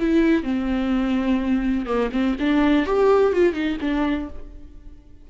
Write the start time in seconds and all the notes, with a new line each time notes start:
0.00 E4
0.44 C4
1.87 A#3
2.13 C4
2.40 D4
2.86 G4
3.33 F4
3.54 D#4
3.81 D4